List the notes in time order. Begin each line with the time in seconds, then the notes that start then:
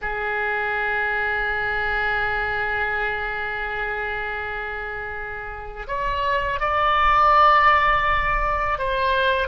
0.01 G#4
5.87 C#5
6.60 D5
8.78 C5